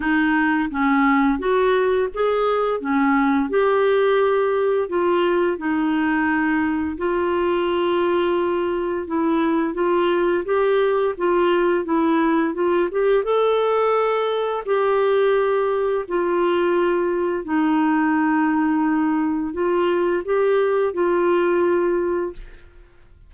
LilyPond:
\new Staff \with { instrumentName = "clarinet" } { \time 4/4 \tempo 4 = 86 dis'4 cis'4 fis'4 gis'4 | cis'4 g'2 f'4 | dis'2 f'2~ | f'4 e'4 f'4 g'4 |
f'4 e'4 f'8 g'8 a'4~ | a'4 g'2 f'4~ | f'4 dis'2. | f'4 g'4 f'2 | }